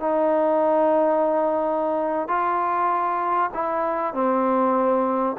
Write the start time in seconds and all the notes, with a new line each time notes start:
0.00 D#4
2.28 F4
3.54 E4
4.14 C4